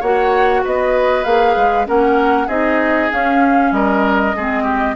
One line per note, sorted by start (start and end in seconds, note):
0.00 0.64 A#3
0.00 1.25 F#4
0.00 0.62 C#5
0.00 0.64 F#5
0.64 1.25 B3
0.64 1.87 B4
0.64 1.24 D#5
1.24 1.56 A#3
1.24 1.86 G#4
1.24 1.86 F5
1.57 1.88 G#3
1.86 2.48 A#3
1.86 2.48 C#4
1.86 2.47 A#4
1.86 2.49 F#5
2.47 3.10 C4
2.47 3.10 D#4
2.47 3.71 G#4
2.47 3.11 D#5
3.11 4.34 C#4
3.11 3.72 C#4
3.11 3.73 F5
3.72 4.34 G3
3.72 4.36 A#4
3.72 4.95 D#5
4.36 4.95 G#3
4.36 4.95 C4
4.36 4.64 G#4
4.64 4.94 G4